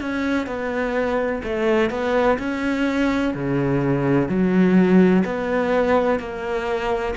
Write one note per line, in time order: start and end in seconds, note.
0.00 0.46 C#4
0.46 1.42 B3
1.43 1.90 A3
1.90 2.38 B3
2.38 3.33 C#4
3.34 4.28 C#3
4.28 5.23 F#3
5.24 6.19 B3
6.19 7.14 A#3